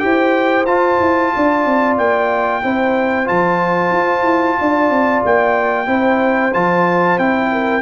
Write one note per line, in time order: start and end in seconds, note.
0.00 0.67 E4
0.00 0.65 G4
0.00 1.35 C5
0.00 0.65 G5
0.66 1.00 F4
0.66 2.63 F4
0.66 1.97 A5
1.00 1.33 E4
1.35 1.66 D4
1.35 2.63 D5
1.66 1.98 C4
1.98 2.63 A#3
1.98 3.28 G5
2.63 3.30 C4
2.63 3.26 E4
2.63 4.59 C5
3.26 3.92 F3
3.26 5.86 F4
3.26 5.24 A5
3.92 4.23 F4
4.23 4.56 E4
4.60 4.90 D4
4.60 5.88 D5
4.90 5.23 C4
5.26 5.88 A#3
5.26 6.54 G5
5.87 6.53 C4
5.87 6.52 E4
5.87 7.51 C5
6.54 7.19 F3
6.54 7.19 F4
6.54 7.19 A5
7.19 7.82 C4
7.19 7.82 E4
7.19 7.82 G5
7.52 7.82 A#4